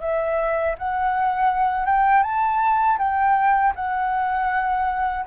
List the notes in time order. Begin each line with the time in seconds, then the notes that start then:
0.00 E5
0.78 F#5
1.85 G5
2.23 A5
2.98 G5
3.75 F#5